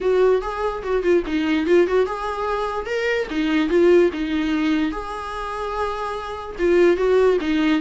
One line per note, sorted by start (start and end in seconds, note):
0.00 0.41 F#4
0.41 0.82 G#4
0.83 1.02 F#4
1.02 1.23 F4
1.26 1.66 D#4
1.66 1.87 F4
1.87 2.05 F#4
2.05 2.86 G#4
2.86 3.27 A#4
3.30 3.69 D#4
3.69 4.10 F4
4.12 4.91 D#4
4.91 6.56 G#4
6.59 6.96 F4
6.96 7.37 F#4
7.41 7.81 D#4